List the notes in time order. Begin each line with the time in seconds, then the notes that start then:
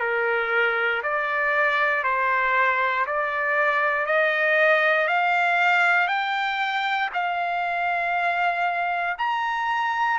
0.00 A#4
1.03 D5
2.03 C5
3.06 D5
4.06 D#5
5.08 F5
6.07 G5
7.13 F5
9.18 A#5